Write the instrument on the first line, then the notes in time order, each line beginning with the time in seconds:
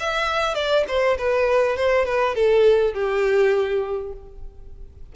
violin
0.00 E5
0.55 D5
0.88 C5
1.18 B4
1.77 C5
2.05 B4
2.35 A4
2.94 G4